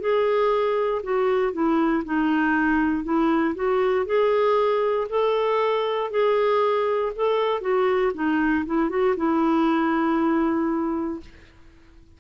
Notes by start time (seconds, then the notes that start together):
0.00 G#4
1.03 F#4
1.53 E4
2.04 D#4
3.04 E4
3.55 F#4
4.06 G#4
5.09 A4
6.11 G#4
7.16 A4
7.61 F#4
8.14 D#4
8.66 E4
8.89 F#4
9.17 E4